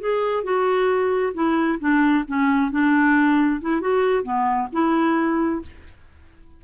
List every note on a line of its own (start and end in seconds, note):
0.00 0.43 G#4
0.43 1.33 F#4
1.34 1.79 E4
1.80 2.24 D4
2.27 2.71 C#4
2.71 3.61 D4
3.61 3.81 E4
3.81 4.23 F#4
4.23 4.68 B3
4.72 5.62 E4